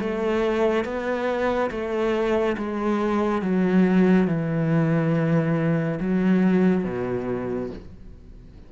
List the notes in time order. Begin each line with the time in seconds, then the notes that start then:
0.00 A3
0.85 B3
1.70 A3
2.57 G#3
3.42 F#3
4.27 E3
6.00 F#3
6.84 B2